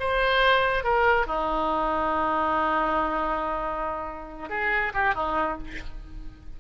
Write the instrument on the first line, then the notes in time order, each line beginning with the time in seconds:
oboe
0.00 C5
0.84 A#4
1.27 D#4
4.50 G#4
4.94 G4
5.15 D#4